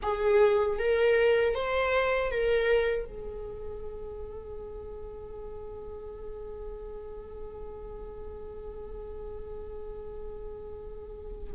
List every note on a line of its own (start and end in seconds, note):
0.02 0.78 G#4
0.78 1.54 A#4
1.54 2.31 C5
2.31 3.05 A#4
3.05 11.51 G#4